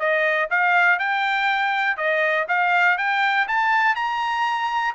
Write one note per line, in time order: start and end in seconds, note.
0.00 0.50 D#5
0.51 1.00 F5
1.00 1.97 G5
1.97 2.47 D#5
2.49 2.98 F5
2.98 3.48 G5
3.48 3.96 A5
3.96 4.95 A#5